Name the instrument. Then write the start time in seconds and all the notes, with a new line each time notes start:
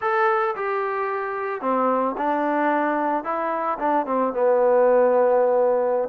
trombone
0.01 A4
0.55 G4
1.61 C4
2.17 D4
3.24 E4
3.78 D4
4.06 C4
4.33 B3